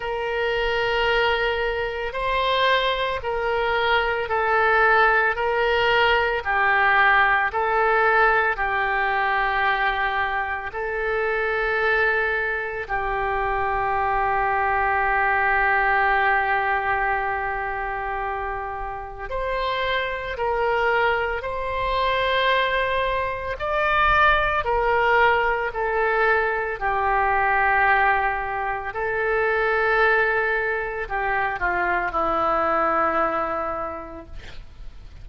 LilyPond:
\new Staff \with { instrumentName = "oboe" } { \time 4/4 \tempo 4 = 56 ais'2 c''4 ais'4 | a'4 ais'4 g'4 a'4 | g'2 a'2 | g'1~ |
g'2 c''4 ais'4 | c''2 d''4 ais'4 | a'4 g'2 a'4~ | a'4 g'8 f'8 e'2 | }